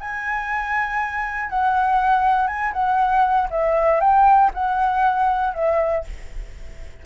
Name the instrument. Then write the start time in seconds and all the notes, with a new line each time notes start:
flute
0.00 G#5
1.50 F#5
2.48 G#5
2.73 F#5
3.50 E5
4.00 G5
4.54 F#5
5.54 E5